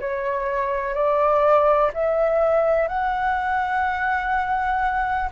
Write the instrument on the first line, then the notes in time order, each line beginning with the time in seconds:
flute
0.00 C#5
0.95 D5
1.94 E5
2.88 F#5